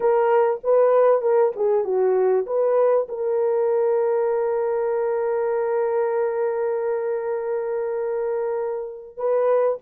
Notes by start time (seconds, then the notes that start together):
0.00 A#4
0.63 B4
1.21 A#4
1.56 G#4
1.84 F#4
2.46 B4
3.08 A#4
9.17 B4